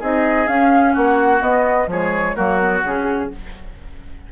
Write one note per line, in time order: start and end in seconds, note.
0.00 0.48 C4
0.00 0.48 D#4
0.00 0.93 G#4
0.00 0.48 D#5
0.48 1.40 C#4
0.48 0.95 C#4
0.48 0.95 F5
0.93 1.41 A#3
0.93 1.87 F#4
0.93 1.42 F#5
1.40 1.87 B3
1.40 1.89 D#5
1.87 2.34 F3
1.87 2.37 G#3
1.87 2.36 G#4
1.87 2.36 C#5
2.36 2.83 F#3
2.36 2.60 A#3
2.36 3.30 F#4
2.36 2.83 A#4
2.60 2.84 B3
2.83 3.30 C#3
2.83 3.31 C#4
2.83 3.33 G#4